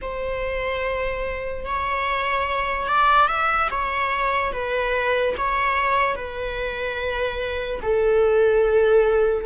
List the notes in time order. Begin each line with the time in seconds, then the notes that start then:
0.01 C5
1.65 C#5
2.87 D5
3.27 E5
3.71 C#5
4.52 B4
5.37 C#5
6.15 B4
7.82 A4